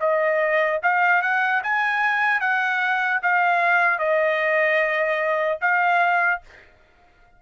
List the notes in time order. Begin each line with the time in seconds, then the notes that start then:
0.00 D#5
0.83 F5
1.22 F#5
1.63 G#5
2.40 F#5
3.23 F5
3.99 D#5
5.61 F5